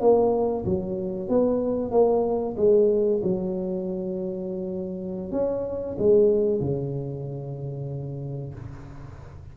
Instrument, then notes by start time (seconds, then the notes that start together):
tuba
0.00 A#3
0.65 F#3
1.29 B3
1.91 A#3
2.57 G#3
3.23 F#3
5.32 C#4
5.99 G#3
6.60 C#3